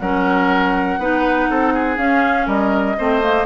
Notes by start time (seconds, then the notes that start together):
0.00 F#3 C#4 A#4 F#5
0.98 B3 D#4 B4
1.50 C4 A4
1.74 G#4
1.98 C#4 F5
2.47 G3 A#4 D#5
2.98 A3 C4 C5
3.22 A#3